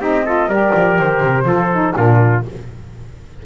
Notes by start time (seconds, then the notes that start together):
0.00 C4 D#4 G4 D#5
0.25 F4 A4
0.47 G3 G4 A#4 D5
0.75 F3
0.99 D#3 C5
1.21 C3
1.44 F3 F4 A4
1.73 D#4
1.95 A#2 D4 F4 A#4